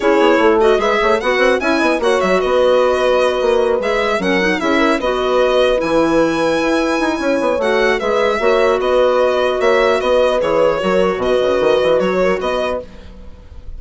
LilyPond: <<
  \new Staff \with { instrumentName = "violin" } { \time 4/4 \tempo 4 = 150 cis''4. dis''8 e''4 fis''4 | gis''4 fis''8 e''8 dis''2~ | dis''4. e''4 fis''4 e''8~ | e''8 dis''2 gis''4.~ |
gis''2. fis''4 | e''2 dis''2 | e''4 dis''4 cis''2 | dis''2 cis''4 dis''4 | }
  \new Staff \with { instrumentName = "horn" } { \time 4/4 gis'4 a'4 b'8 cis''8 b'4 | e''8 dis''8 cis''4 b'2~ | b'2~ b'8 ais'4 gis'8 | ais'8 b'2.~ b'8~ |
b'2 cis''2 | b'4 cis''4 b'2 | cis''4 b'2 ais'4 | b'2~ b'8 ais'8 b'4 | }
  \new Staff \with { instrumentName = "clarinet" } { \time 4/4 e'4. fis'8 gis'4 fis'4 | e'4 fis'2.~ | fis'4. gis'4 cis'8 dis'8 e'8~ | e'8 fis'2 e'4.~ |
e'2. fis'4 | gis'4 fis'2.~ | fis'2 gis'4 fis'4~ | fis'1 | }
  \new Staff \with { instrumentName = "bassoon" } { \time 4/4 cis'8 b8 a4 gis8 a8 b8 c'8 | cis'8 b8 ais8 fis8 b2~ | b8 ais4 gis4 fis4 cis'8~ | cis'8 b2 e4.~ |
e8 e'4 dis'8 cis'8 b8 a4 | gis4 ais4 b2 | ais4 b4 e4 fis4 | b,8 cis8 dis8 e8 fis4 b4 | }
>>